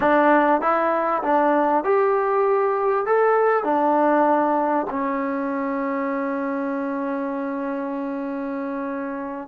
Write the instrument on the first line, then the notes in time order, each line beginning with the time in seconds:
trombone
0.00 D4
0.61 E4
1.22 D4
1.84 G4
3.06 A4
3.64 D4
4.90 C#4